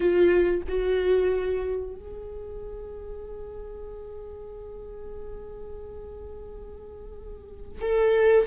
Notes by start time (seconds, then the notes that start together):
0.00 F4
0.68 F#4
1.95 G#4
7.81 A4